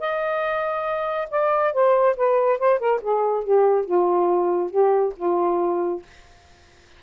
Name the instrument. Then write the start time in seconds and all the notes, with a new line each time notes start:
saxophone
0.00 D#5
1.31 D5
1.73 C5
2.16 B4
2.59 C5
2.79 A#4
3.02 G#4
3.44 G4
3.85 F4
4.70 G4
5.17 F4